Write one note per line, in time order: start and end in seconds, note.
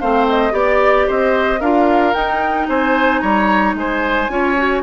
0.00 0.53 A3
0.00 0.51 C4
0.00 0.53 C5
0.00 0.27 F5
0.29 0.56 D#5
0.51 1.06 B3
0.51 1.58 G4
0.51 1.07 D5
0.51 1.09 D5
1.08 1.61 C4
1.08 1.60 C5
1.08 1.61 D#5
1.60 2.14 D4
1.60 2.14 F4
1.60 2.67 A#4
1.60 2.14 F5
2.14 4.28 D#4
2.14 2.68 D#4
2.14 2.67 G5
2.69 3.22 C4
2.69 3.22 C5
2.69 3.21 G#5
3.21 3.75 G3
3.21 3.75 C#5
3.21 3.74 A#5
3.75 4.28 G#3
3.75 4.32 C5
3.75 4.83 G#5
4.29 4.82 C#4
4.29 4.56 F4
4.29 4.83 C#5
4.58 4.83 F#4